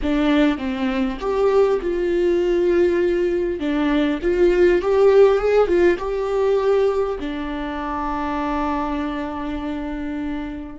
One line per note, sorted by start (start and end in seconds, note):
0.02 0.58 D4
0.58 1.18 C4
1.20 1.80 G4
1.81 3.59 F4
3.59 4.19 D4
4.22 4.81 F4
4.81 5.38 G4
5.38 5.67 G#4
5.67 5.97 F4
5.98 7.18 G4
7.19 10.78 D4